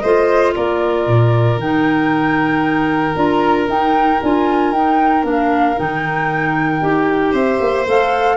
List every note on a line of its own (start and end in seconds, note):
0.00 0.55 A3
0.00 1.61 F4
0.00 0.54 C5
0.00 0.52 D#5
0.55 1.07 A#3
0.55 7.32 A#4
0.55 1.59 D5
1.07 1.57 A#2
1.57 3.14 D#3
1.57 3.15 D#4
1.57 3.17 G5
3.15 3.68 D4
3.15 3.67 F4
3.15 3.69 A#5
3.68 4.20 D#4
3.68 4.21 D#4
3.68 4.22 G5
4.22 4.72 D4
4.22 4.75 F4
4.22 4.72 G#5
4.72 5.24 D#4
4.72 5.23 D#4
4.72 5.25 G5
5.23 5.76 A#3
5.23 5.75 D4
5.29 5.79 F5
5.77 6.82 D#3
5.77 6.81 D#4
5.77 7.34 G5
6.81 7.33 D#4
6.81 7.85 G4
7.32 7.59 C4
7.32 8.36 C5
7.32 7.86 E5
7.60 7.86 A#3
7.86 8.37 A3
7.86 8.37 A4
7.86 8.37 F5